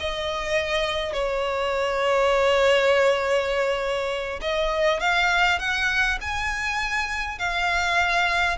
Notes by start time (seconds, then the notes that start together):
0.00 D#5
1.13 C#5
4.42 D#5
5.00 F5
5.59 F#5
6.21 G#5
7.39 F5